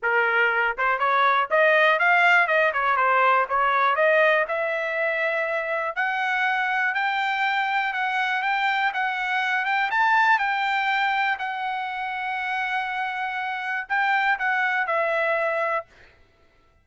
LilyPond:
\new Staff \with { instrumentName = "trumpet" } { \time 4/4 \tempo 4 = 121 ais'4. c''8 cis''4 dis''4 | f''4 dis''8 cis''8 c''4 cis''4 | dis''4 e''2. | fis''2 g''2 |
fis''4 g''4 fis''4. g''8 | a''4 g''2 fis''4~ | fis''1 | g''4 fis''4 e''2 | }